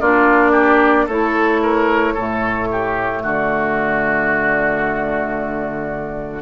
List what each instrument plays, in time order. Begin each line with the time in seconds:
0.00 bassoon A#3, clarinet D4, oboe F4, flute D5
0.51 oboe G4
1.06 bassoon A3, clarinet E4, oboe A4, flute C#5
1.62 oboe A#4
2.14 bassoon A2, clarinet A3, oboe A4
2.71 oboe G4
3.22 bassoon D3, oboe F#4, flute D5